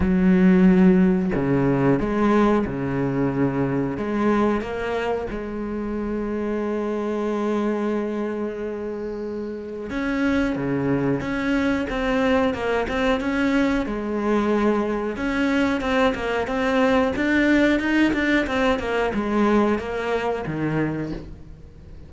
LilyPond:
\new Staff \with { instrumentName = "cello" } { \time 4/4 \tempo 4 = 91 fis2 cis4 gis4 | cis2 gis4 ais4 | gis1~ | gis2. cis'4 |
cis4 cis'4 c'4 ais8 c'8 | cis'4 gis2 cis'4 | c'8 ais8 c'4 d'4 dis'8 d'8 | c'8 ais8 gis4 ais4 dis4 | }